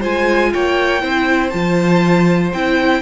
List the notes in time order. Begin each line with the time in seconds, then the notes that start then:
0.00 G#3 F4 C5 G#5
0.53 A#3 C#5 G5
1.01 C4 E4 C5
1.50 F3 F4 A5
2.53 C4 E4 G5